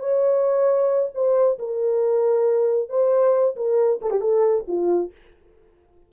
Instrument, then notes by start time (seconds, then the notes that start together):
horn
0.00 C#5
1.15 C5
1.59 A#4
2.90 C5
3.57 A#4
4.02 A4
4.11 G4
4.21 A4
4.68 F4